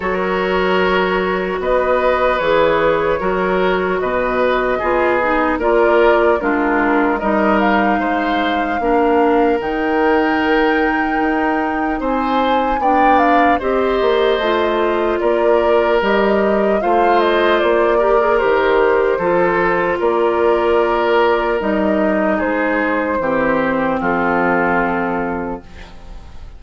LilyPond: <<
  \new Staff \with { instrumentName = "flute" } { \time 4/4 \tempo 4 = 75 cis''2 dis''4 cis''4~ | cis''4 dis''2 d''4 | ais'4 dis''8 f''2~ f''8 | g''2. gis''4 |
g''8 f''8 dis''2 d''4 | dis''4 f''8 dis''8 d''4 c''4~ | c''4 d''2 dis''4 | c''2 a'2 | }
  \new Staff \with { instrumentName = "oboe" } { \time 4/4 ais'2 b'2 | ais'4 b'4 gis'4 ais'4 | f'4 ais'4 c''4 ais'4~ | ais'2. c''4 |
d''4 c''2 ais'4~ | ais'4 c''4. ais'4. | a'4 ais'2. | gis'4 g'4 f'2 | }
  \new Staff \with { instrumentName = "clarinet" } { \time 4/4 fis'2. gis'4 | fis'2 f'8 dis'8 f'4 | d'4 dis'2 d'4 | dis'1 |
d'4 g'4 f'2 | g'4 f'4. g'16 gis'16 g'4 | f'2. dis'4~ | dis'4 c'2. | }
  \new Staff \with { instrumentName = "bassoon" } { \time 4/4 fis2 b4 e4 | fis4 b,4 b4 ais4 | gis4 g4 gis4 ais4 | dis2 dis'4 c'4 |
b4 c'8 ais8 a4 ais4 | g4 a4 ais4 dis4 | f4 ais2 g4 | gis4 e4 f2 | }
>>